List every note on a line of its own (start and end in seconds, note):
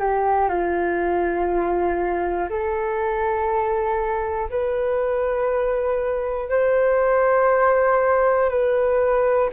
0.00 0.49 G4
0.49 2.49 F4
2.50 4.50 A4
4.50 6.50 B4
6.50 8.50 C5
8.50 9.50 B4